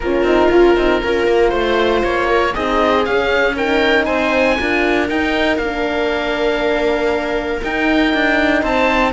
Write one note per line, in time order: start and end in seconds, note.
0.00 0.22 A#3
0.00 0.25 C#4
0.00 1.03 F4
0.00 1.49 A#4
0.22 0.47 C4
0.22 0.50 D#4
0.50 0.76 C#4
0.50 0.75 F4
0.76 1.02 C4
0.76 1.02 D#4
1.03 1.27 C#4
1.03 2.54 F4
1.03 1.51 A#4
1.27 1.52 A#3
1.49 2.03 A3
1.49 2.00 C5
1.49 2.27 C5
2.03 2.54 A#3
2.03 2.54 C#5
2.29 2.54 A#4
2.54 3.06 C4
2.54 3.04 D#4
2.54 3.55 G#4
2.54 3.05 D#5
3.05 4.07 C#4
3.05 3.56 C#4
3.05 3.56 F5
3.56 4.58 D#4
3.56 4.05 A#4
3.56 4.05 G5
4.05 4.58 C4
4.05 4.56 C5
4.05 5.07 G#5
4.58 5.10 D4
4.58 5.09 F4
4.58 8.61 A#4
5.09 5.57 D#4
5.09 5.61 D#4
5.09 5.57 G5
5.57 7.61 A#3
5.57 7.65 D4
5.57 7.60 F5
7.63 8.14 D#4
7.63 9.13 D#4
7.63 8.64 G5
8.14 8.62 D4
8.61 9.13 C4
8.61 9.12 C5
8.61 9.13 A5